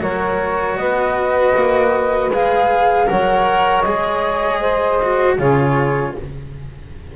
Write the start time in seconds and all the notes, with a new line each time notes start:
0.00 F#3 F#4 A#4 C#5
0.77 B3 B4 D#5
1.56 A#3
2.30 G#3 G#4 F5
3.08 F#3 A#4 C#5 F#5
3.82 G#3 G#4 D#5
4.60 C5
5.03 F#4
5.38 C#3 F4 G#4 C#5